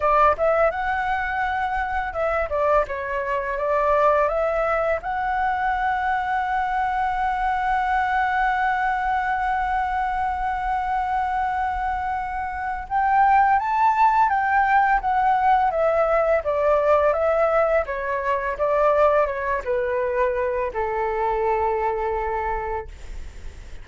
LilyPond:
\new Staff \with { instrumentName = "flute" } { \time 4/4 \tempo 4 = 84 d''8 e''8 fis''2 e''8 d''8 | cis''4 d''4 e''4 fis''4~ | fis''1~ | fis''1~ |
fis''2 g''4 a''4 | g''4 fis''4 e''4 d''4 | e''4 cis''4 d''4 cis''8 b'8~ | b'4 a'2. | }